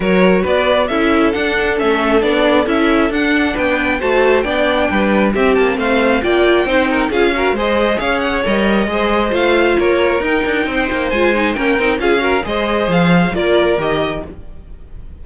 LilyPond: <<
  \new Staff \with { instrumentName = "violin" } { \time 4/4 \tempo 4 = 135 cis''4 d''4 e''4 fis''4 | e''4 d''4 e''4 fis''4 | g''4 a''4 g''2 | e''8 a''8 f''4 g''2 |
f''4 dis''4 f''8 fis''8 dis''4~ | dis''4 f''4 cis''4 g''4~ | g''4 gis''4 g''4 f''4 | dis''4 f''4 d''4 dis''4 | }
  \new Staff \with { instrumentName = "violin" } { \time 4/4 ais'4 b'4 a'2~ | a'1 | b'4 c''4 d''4 b'4 | g'4 c''4 d''4 c''8 ais'8 |
gis'8 ais'8 c''4 cis''2 | c''2 ais'2 | c''2 ais'4 gis'8 ais'8 | c''2 ais'2 | }
  \new Staff \with { instrumentName = "viola" } { \time 4/4 fis'2 e'4 d'4 | cis'4 d'4 e'4 d'4~ | d'4 fis'4 d'2 | c'2 f'4 dis'4 |
f'8 fis'8 gis'2 ais'4 | gis'4 f'2 dis'4~ | dis'4 f'8 dis'8 cis'8 dis'8 f'8 fis'8 | gis'2 f'4 g'4 | }
  \new Staff \with { instrumentName = "cello" } { \time 4/4 fis4 b4 cis'4 d'4 | a4 b4 cis'4 d'4 | b4 a4 b4 g4 | c'8 ais8 a4 ais4 c'4 |
cis'4 gis4 cis'4 g4 | gis4 a4 ais4 dis'8 d'8 | c'8 ais8 gis4 ais8 c'8 cis'4 | gis4 f4 ais4 dis4 | }
>>